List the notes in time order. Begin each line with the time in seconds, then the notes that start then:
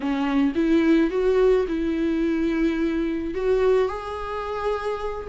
0.00 C#4
0.55 E4
1.10 F#4
1.67 E4
3.34 F#4
3.88 G#4